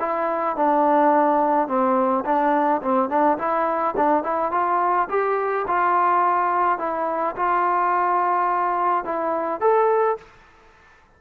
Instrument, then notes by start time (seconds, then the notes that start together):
trombone
0.00 E4
0.57 D4
1.68 C4
2.25 D4
2.83 C4
3.10 D4
3.38 E4
3.97 D4
4.24 E4
4.52 F4
5.09 G4
5.68 F4
6.79 E4
7.36 F4
9.05 E4
9.61 A4